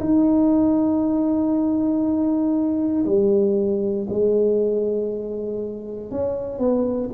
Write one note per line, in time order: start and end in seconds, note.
0.00 3.05 D#4
3.06 4.07 G3
4.09 6.11 G#3
6.11 6.59 C#4
6.59 7.10 B3